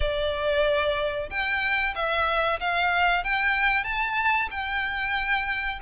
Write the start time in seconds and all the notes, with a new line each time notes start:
0.00 D5
1.29 G5
1.95 E5
2.60 F5
3.24 G5
3.84 A5
4.50 G5